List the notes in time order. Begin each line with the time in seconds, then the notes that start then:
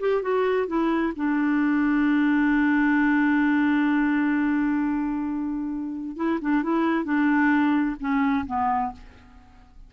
0.00 G4
0.22 F#4
0.67 E4
1.16 D4
6.16 E4
6.41 D4
6.63 E4
7.04 D4
8.00 C#4
8.46 B3